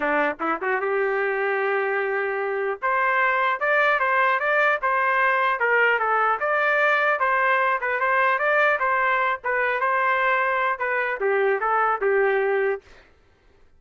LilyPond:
\new Staff \with { instrumentName = "trumpet" } { \time 4/4 \tempo 4 = 150 d'4 e'8 fis'8 g'2~ | g'2. c''4~ | c''4 d''4 c''4 d''4 | c''2 ais'4 a'4 |
d''2 c''4. b'8 | c''4 d''4 c''4. b'8~ | b'8 c''2~ c''8 b'4 | g'4 a'4 g'2 | }